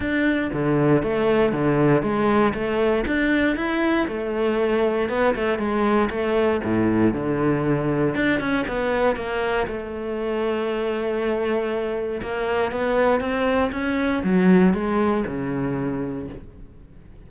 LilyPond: \new Staff \with { instrumentName = "cello" } { \time 4/4 \tempo 4 = 118 d'4 d4 a4 d4 | gis4 a4 d'4 e'4 | a2 b8 a8 gis4 | a4 a,4 d2 |
d'8 cis'8 b4 ais4 a4~ | a1 | ais4 b4 c'4 cis'4 | fis4 gis4 cis2 | }